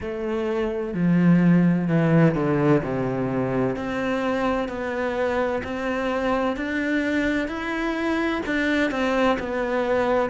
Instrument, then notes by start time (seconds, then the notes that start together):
cello
0.00 A3
0.94 F3
1.87 E3
2.34 D3
2.83 C3
3.76 C4
4.68 B3
5.63 C4
6.56 D4
7.47 E4
8.46 D4
8.91 C4
9.39 B3